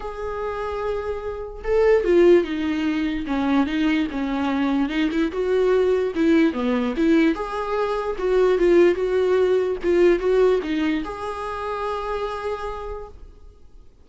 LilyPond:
\new Staff \with { instrumentName = "viola" } { \time 4/4 \tempo 4 = 147 gis'1 | a'4 f'4 dis'2 | cis'4 dis'4 cis'2 | dis'8 e'8 fis'2 e'4 |
b4 e'4 gis'2 | fis'4 f'4 fis'2 | f'4 fis'4 dis'4 gis'4~ | gis'1 | }